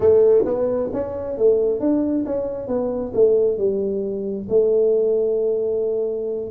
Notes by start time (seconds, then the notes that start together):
0.00 A3
0.45 B3
0.93 C#4
1.37 A3
1.80 D4
2.25 C#4
2.67 B3
3.13 A3
3.57 G3
4.49 A3